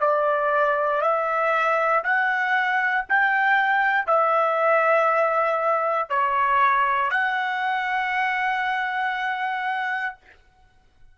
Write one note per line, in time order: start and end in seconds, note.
0.00 1.01 D5
1.01 2.03 E5
2.04 3.06 F#5
3.09 4.06 G5
4.06 6.09 E5
6.09 7.10 C#5
7.10 10.16 F#5